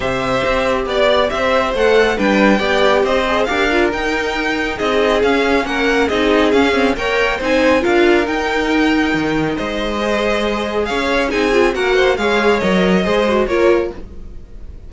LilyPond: <<
  \new Staff \with { instrumentName = "violin" } { \time 4/4 \tempo 4 = 138 e''2 d''4 e''4 | fis''4 g''2 dis''4 | f''4 g''2 dis''4 | f''4 fis''4 dis''4 f''4 |
g''4 gis''4 f''4 g''4~ | g''2 dis''2~ | dis''4 f''4 gis''4 fis''4 | f''4 dis''2 cis''4 | }
  \new Staff \with { instrumentName = "violin" } { \time 4/4 c''2 d''4 c''4~ | c''4 b'4 d''4 c''4 | ais'2. gis'4~ | gis'4 ais'4 gis'2 |
cis''4 c''4 ais'2~ | ais'2 c''2~ | c''4 cis''4 gis'4 ais'8 c''8 | cis''2 c''4 ais'4 | }
  \new Staff \with { instrumentName = "viola" } { \time 4/4 g'1 | a'4 d'4 g'4. gis'8 | g'8 f'8 dis'2. | cis'2 dis'4 cis'8 c'8 |
ais'4 dis'4 f'4 dis'4~ | dis'2. gis'4~ | gis'2 dis'8 f'8 fis'4 | gis'4 ais'4 gis'8 fis'8 f'4 | }
  \new Staff \with { instrumentName = "cello" } { \time 4/4 c4 c'4 b4 c'4 | a4 g4 b4 c'4 | d'4 dis'2 c'4 | cis'4 ais4 c'4 cis'4 |
ais4 c'4 d'4 dis'4~ | dis'4 dis4 gis2~ | gis4 cis'4 c'4 ais4 | gis4 fis4 gis4 ais4 | }
>>